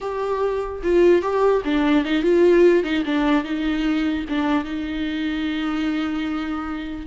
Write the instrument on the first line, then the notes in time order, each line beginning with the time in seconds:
viola
0.00 G4
0.83 F4
1.21 G4
1.64 D4
2.04 D#4
2.22 F4
2.83 D#4
3.05 D4
3.44 D#4
4.29 D4
4.64 D#4